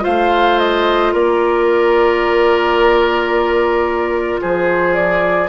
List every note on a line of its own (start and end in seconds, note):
0.00 5.45 F4
0.00 1.12 C5
0.00 0.58 F5
0.06 1.13 A3
0.58 1.13 D#5
1.12 4.40 A#3
1.12 4.40 A#4
1.12 4.41 D5
4.41 5.48 F3
4.41 5.48 G#4
4.41 4.93 C5
4.93 5.48 D5